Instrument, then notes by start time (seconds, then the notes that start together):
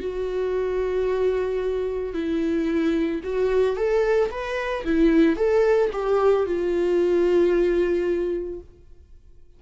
viola
0.00 F#4
2.14 E4
3.23 F#4
3.76 A4
4.31 B4
4.85 E4
5.37 A4
5.93 G4
6.46 F4